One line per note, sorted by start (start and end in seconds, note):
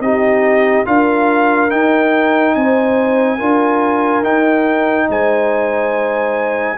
0.00 0.85 C4
0.00 0.85 D#4
0.00 0.87 G4
0.00 0.86 D#5
0.85 1.71 D4
0.85 1.70 F4
0.85 2.57 A#4
0.85 1.70 F5
1.70 3.39 D#4
1.70 2.55 D#4
1.70 2.55 G5
2.55 3.40 C4
2.55 3.37 C5
2.55 4.24 G#5
3.37 4.23 D4
3.37 4.24 F4
3.37 5.06 A#4
4.23 5.07 D#4
4.23 6.77 D#4
4.23 5.09 G5
5.09 6.78 G#3
5.09 6.78 C5
5.09 6.78 G#5